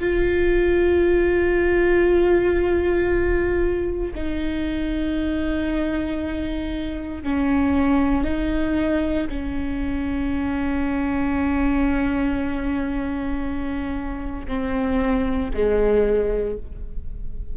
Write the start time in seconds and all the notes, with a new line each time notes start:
0.00 F4
4.15 D#4
7.24 C#4
8.25 D#4
9.30 C#4
14.48 C4
15.54 G#3